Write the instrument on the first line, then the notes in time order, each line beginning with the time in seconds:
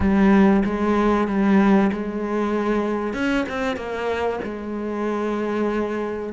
cello
0.00 G3
0.64 G#3
1.27 G3
1.92 G#3
3.13 C#4
3.48 C4
3.76 A#3
4.44 G#3